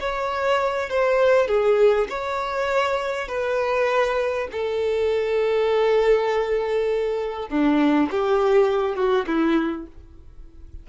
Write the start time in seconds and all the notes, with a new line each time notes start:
0.00 C#5
0.90 C5
1.47 G#4
2.09 C#5
3.28 B4
4.52 A4
7.49 D4
8.11 G4
8.96 F#4
9.27 E4